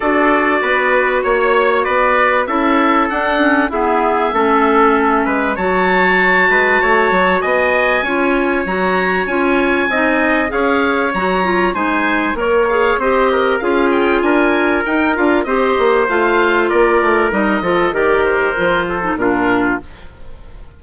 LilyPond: <<
  \new Staff \with { instrumentName = "oboe" } { \time 4/4 \tempo 4 = 97 d''2 cis''4 d''4 | e''4 fis''4 e''2~ | e''4 a''2. | gis''2 ais''4 gis''4~ |
gis''4 f''4 ais''4 gis''4 | ais'8 f''8 dis''4 f''8 g''8 gis''4 | g''8 f''8 dis''4 f''4 d''4 | dis''4 d''8 c''4. ais'4 | }
  \new Staff \with { instrumentName = "trumpet" } { \time 4/4 a'4 b'4 cis''4 b'4 | a'2 gis'4 a'4~ | a'8 b'8 cis''4. b'8 cis''4 | dis''4 cis''2. |
dis''4 cis''2 c''4 | cis''4 c''8 ais'8 gis'4 ais'4~ | ais'4 c''2 ais'4~ | ais'8 a'8 ais'4. a'8 f'4 | }
  \new Staff \with { instrumentName = "clarinet" } { \time 4/4 fis'1 | e'4 d'8 cis'8 b4 cis'4~ | cis'4 fis'2.~ | fis'4 f'4 fis'4 f'4 |
dis'4 gis'4 fis'8 f'8 dis'4 | ais'8 gis'8 g'4 f'2 | dis'8 f'8 g'4 f'2 | dis'8 f'8 g'4 f'8. dis'16 d'4 | }
  \new Staff \with { instrumentName = "bassoon" } { \time 4/4 d'4 b4 ais4 b4 | cis'4 d'4 e'4 a4~ | a8 gis8 fis4. gis8 a8 fis8 | b4 cis'4 fis4 cis'4 |
c'4 cis'4 fis4 gis4 | ais4 c'4 cis'4 d'4 | dis'8 d'8 c'8 ais8 a4 ais8 a8 | g8 f8 dis4 f4 ais,4 | }
>>